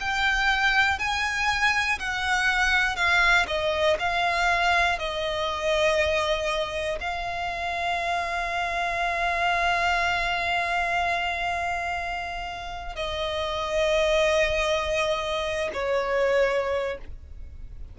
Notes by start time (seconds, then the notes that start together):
0.00 G5
0.99 G#5
2.00 F#5
2.96 F5
3.48 D#5
4.00 F5
4.99 D#5
7.00 F5
12.96 D#5
15.74 C#5